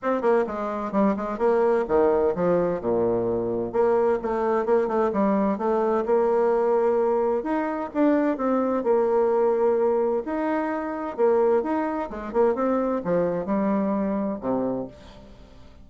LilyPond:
\new Staff \with { instrumentName = "bassoon" } { \time 4/4 \tempo 4 = 129 c'8 ais8 gis4 g8 gis8 ais4 | dis4 f4 ais,2 | ais4 a4 ais8 a8 g4 | a4 ais2. |
dis'4 d'4 c'4 ais4~ | ais2 dis'2 | ais4 dis'4 gis8 ais8 c'4 | f4 g2 c4 | }